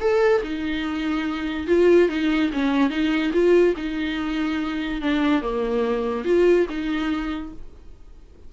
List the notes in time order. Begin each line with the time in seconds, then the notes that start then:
0.00 A4
0.43 D#4
1.67 F4
2.08 D#4
2.52 C#4
2.89 D#4
3.33 F4
3.76 D#4
5.01 D4
5.41 A#3
6.24 F4
6.69 D#4